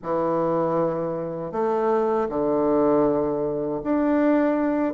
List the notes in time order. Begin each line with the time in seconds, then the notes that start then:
0.02 E3
1.52 A3
2.29 D3
3.83 D4